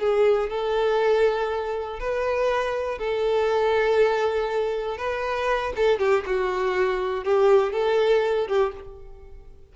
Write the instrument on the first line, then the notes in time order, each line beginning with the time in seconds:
violin
0.00 G#4
0.49 A4
2.00 B4
2.98 A4
4.97 B4
5.76 A4
5.99 G4
6.26 F#4
7.24 G4
7.72 A4
8.47 G4